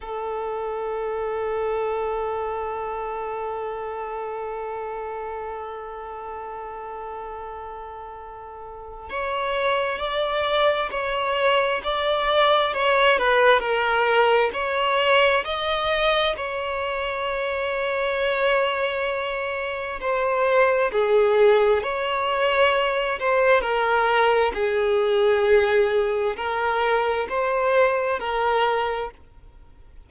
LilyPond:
\new Staff \with { instrumentName = "violin" } { \time 4/4 \tempo 4 = 66 a'1~ | a'1~ | a'2 cis''4 d''4 | cis''4 d''4 cis''8 b'8 ais'4 |
cis''4 dis''4 cis''2~ | cis''2 c''4 gis'4 | cis''4. c''8 ais'4 gis'4~ | gis'4 ais'4 c''4 ais'4 | }